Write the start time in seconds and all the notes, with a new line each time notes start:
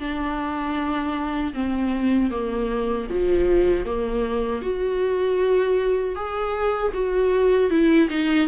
0.00 D4
1.55 C4
2.31 A#3
3.10 F3
3.86 A#3
4.63 F#4
6.16 G#4
6.94 F#4
7.71 E4
8.10 D#4